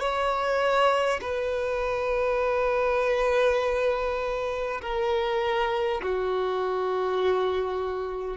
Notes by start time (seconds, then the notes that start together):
0.00 C#5
1.21 B4
4.82 A#4
6.02 F#4